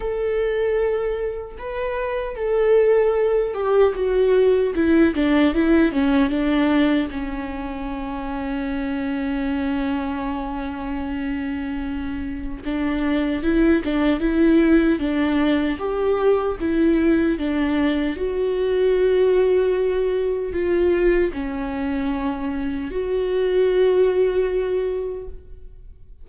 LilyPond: \new Staff \with { instrumentName = "viola" } { \time 4/4 \tempo 4 = 76 a'2 b'4 a'4~ | a'8 g'8 fis'4 e'8 d'8 e'8 cis'8 | d'4 cis'2.~ | cis'1 |
d'4 e'8 d'8 e'4 d'4 | g'4 e'4 d'4 fis'4~ | fis'2 f'4 cis'4~ | cis'4 fis'2. | }